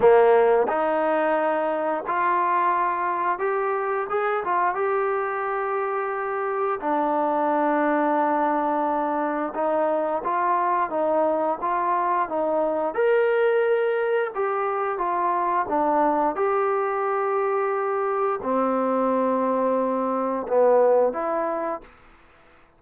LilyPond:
\new Staff \with { instrumentName = "trombone" } { \time 4/4 \tempo 4 = 88 ais4 dis'2 f'4~ | f'4 g'4 gis'8 f'8 g'4~ | g'2 d'2~ | d'2 dis'4 f'4 |
dis'4 f'4 dis'4 ais'4~ | ais'4 g'4 f'4 d'4 | g'2. c'4~ | c'2 b4 e'4 | }